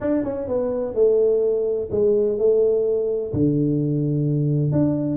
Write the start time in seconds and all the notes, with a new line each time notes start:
0.00 D4
0.24 C#4
0.47 B3
0.94 A3
1.91 G#3
2.38 A3
3.33 D3
4.72 D4